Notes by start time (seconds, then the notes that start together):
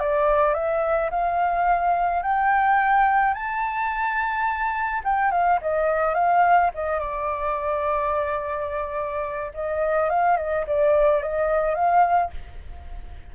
0.00 D5
0.54 E5
1.11 F5
2.23 G5
3.34 A5
5.04 G5
5.31 F5
5.62 D#5
6.15 F5
6.75 D#5
7.00 D5
9.54 D#5
10.10 F5
10.37 D#5
10.67 D5
11.23 D#5
11.75 F5